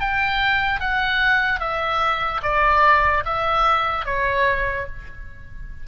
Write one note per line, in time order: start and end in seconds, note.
0.00 0.80 G5
0.80 1.60 F#5
1.60 2.41 E5
2.43 3.24 D5
3.25 4.05 E5
4.05 4.86 C#5